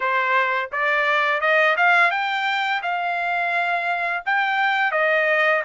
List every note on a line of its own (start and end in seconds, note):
0.00 0.70 C5
0.72 1.41 D5
1.41 1.76 D#5
1.76 2.10 F5
2.10 2.81 G5
2.82 4.23 F5
4.25 4.91 G5
4.91 5.62 D#5